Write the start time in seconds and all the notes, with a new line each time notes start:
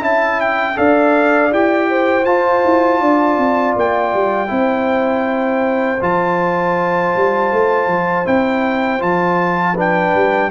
0.00 C#4 E4 E5 A5
0.41 G5
0.76 D4 A4 D5 F5
1.51 E4 G4 G5
1.90 C5
2.25 F4 A5
2.65 E4
3.01 D4 D5
3.38 C4
3.77 A#3 G5
4.14 G3
4.48 C4 E4 C5
6.01 F3 F4 A5
7.17 G3
7.53 A3
7.87 F3
8.25 C4 E4 G5
9.00 F3 F4 A5
9.75 D4 B4 G5
10.15 G3